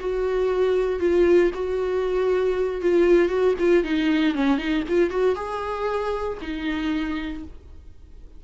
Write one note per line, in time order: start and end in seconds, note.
0.00 1.00 F#4
1.00 1.51 F4
1.54 2.81 F#4
2.81 3.28 F4
3.28 3.54 F#4
3.59 3.84 F4
3.84 4.34 D#4
4.34 4.58 C#4
4.58 4.83 D#4
4.89 5.10 F4
5.10 5.35 F#4
5.35 6.38 G#4
6.41 7.44 D#4